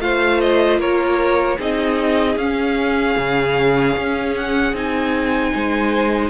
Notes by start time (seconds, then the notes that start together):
0.00 A3 F4 C5 F5
0.41 D#5
0.80 A#3 A#4 C#5
1.57 C4 D#4 G#4 D#5
2.37 C#4 F5
3.18 C#3
3.97 C#4
4.37 F#5
4.73 C4 D#4 G#5
5.55 G#3 C5